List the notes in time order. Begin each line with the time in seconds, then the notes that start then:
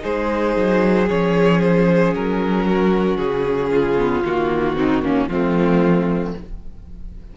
0.00 G#3 D#4 G#4 C5
0.56 F#3
1.07 F3 C#4 C#5
1.61 C5
2.14 F#3 A#4
2.66 F#4
3.17 C#3 G#4
3.70 F4
3.97 B3
4.24 D#3 A#3 F#4
4.76 C4 D#4
5.02 A#3 C#4
5.27 F3 A3 C4 F4